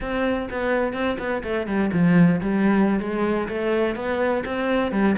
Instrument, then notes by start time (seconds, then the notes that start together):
cello
0.00 C4
0.50 B3
0.93 C4
1.19 B3
1.43 A3
1.66 G3
1.92 F3
2.41 G3
3.00 G#3
3.48 A3
3.95 B3
4.45 C4
4.91 G3